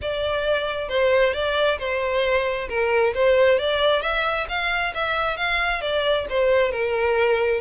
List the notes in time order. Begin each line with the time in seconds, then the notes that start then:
0.01 D5
0.88 C5
1.33 D5
1.78 C5
2.69 A#4
3.14 C5
3.58 D5
4.02 E5
4.49 F5
4.94 E5
5.36 F5
5.81 D5
6.29 C5
6.71 A#4